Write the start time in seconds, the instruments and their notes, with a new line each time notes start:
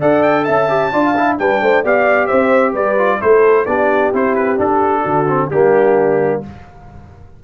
0.00 tuba D4, trombone A4, horn D5, trumpet F#5
0.23 trumpet G5
0.45 tuba C#4, horn E5, trumpet A5
0.69 trombone G4
0.92 tuba D4, trombone F4, horn D5
1.05 horn F5
1.17 trombone E4
1.39 tuba G3, trombone D4, horn B4, trumpet G5
1.61 tuba A3, horn C5
1.84 tuba B3, trombone G4, horn D5, trumpet F5
2.27 tuba C4, horn C5, trumpet E5
2.73 tuba G3, horn B4, trumpet D5
2.98 trombone F4
3.20 tuba A3, trombone E4, horn A4, trumpet C5
3.66 tuba B3, trombone D4, horn G4, trumpet D5
4.13 tuba C4, trombone E4, trumpet C5
4.35 trumpet B4
4.58 trombone D4, tuba D4, trumpet A4
5.02 tuba D3, horn F#4
5.28 trombone C4
5.50 tuba G3, trombone A#3, horn D4, trumpet G4